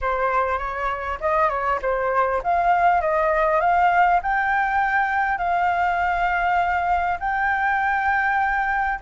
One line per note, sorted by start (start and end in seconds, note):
0.01 0.58 C5
0.58 1.18 C#5
1.20 1.49 D#5
1.49 1.79 C#5
1.81 2.42 C5
2.43 3.01 F5
3.01 3.60 D#5
3.60 4.20 F5
4.22 5.38 G5
5.38 7.18 F5
7.19 8.99 G5